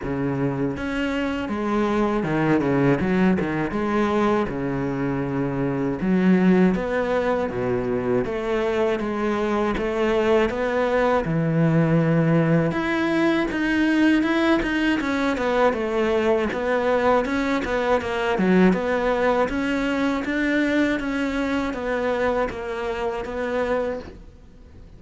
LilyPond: \new Staff \with { instrumentName = "cello" } { \time 4/4 \tempo 4 = 80 cis4 cis'4 gis4 dis8 cis8 | fis8 dis8 gis4 cis2 | fis4 b4 b,4 a4 | gis4 a4 b4 e4~ |
e4 e'4 dis'4 e'8 dis'8 | cis'8 b8 a4 b4 cis'8 b8 | ais8 fis8 b4 cis'4 d'4 | cis'4 b4 ais4 b4 | }